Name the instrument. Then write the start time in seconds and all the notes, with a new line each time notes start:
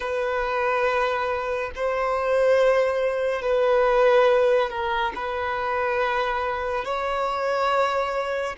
violin
0.00 B4
1.75 C5
3.41 B4
4.69 A#4
5.15 B4
6.84 C#5